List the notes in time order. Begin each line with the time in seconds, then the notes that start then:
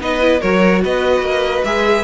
0.00 B3 D#4 B4 D#5
0.21 E4
0.40 F#3 F#4 A#4 C#5
0.83 B3 B4 D#5
1.21 A#3
1.64 G#3 G#4 E5